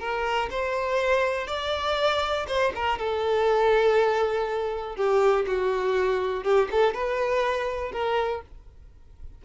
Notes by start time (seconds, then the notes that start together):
0.00 A#4
0.50 C5
1.47 D5
2.48 C5
2.75 A#4
2.99 A4
4.96 G4
5.47 F#4
6.44 G4
6.71 A4
6.94 B4
7.92 A#4